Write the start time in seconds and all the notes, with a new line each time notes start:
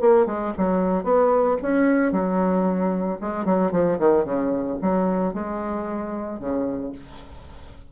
0.00 A#3
0.26 G#3
0.57 F#3
1.04 B3
1.62 C#4
2.12 F#3
3.20 G#3
3.45 F#3
3.71 F3
3.98 D#3
4.24 C#3
4.81 F#3
5.33 G#3
6.39 C#3